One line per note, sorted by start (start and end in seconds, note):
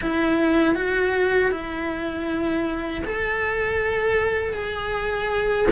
0.01 0.75 E4
0.75 1.51 F#4
1.51 3.03 E4
3.04 4.53 A4
4.53 5.67 G#4